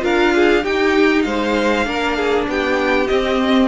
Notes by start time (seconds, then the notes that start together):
0.00 D4 F4 A#4 F5
0.36 G#4
0.64 D#4 G4 G5
1.23 G#3 C5 F5
1.86 A#3 D4 A#4
2.17 G#4
2.48 B3 G4 G5
3.08 C4 D#5